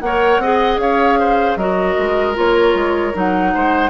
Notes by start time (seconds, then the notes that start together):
0.00 A#3 A#4 C#5 F#5
0.38 C4 G#4 D#5
0.77 C#4 C#5 F5
1.19 C5
1.56 F#3 F#4 A#4 D#5
1.98 G#3
2.34 A#3 F4 C#5
2.74 G#3
3.14 F#3 D#4 F#5
3.54 G#3 C5